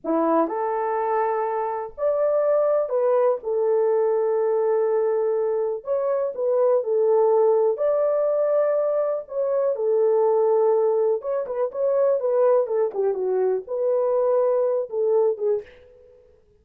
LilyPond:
\new Staff \with { instrumentName = "horn" } { \time 4/4 \tempo 4 = 123 e'4 a'2. | d''2 b'4 a'4~ | a'1 | cis''4 b'4 a'2 |
d''2. cis''4 | a'2. cis''8 b'8 | cis''4 b'4 a'8 g'8 fis'4 | b'2~ b'8 a'4 gis'8 | }